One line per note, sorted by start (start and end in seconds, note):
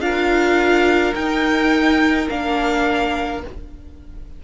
0.00 1.13 D4
0.00 1.14 F4
0.00 3.44 A#4
0.00 1.13 F5
1.15 2.28 D#4
1.15 2.28 G5
2.29 3.43 A#3
2.29 3.42 D4
2.29 3.42 F5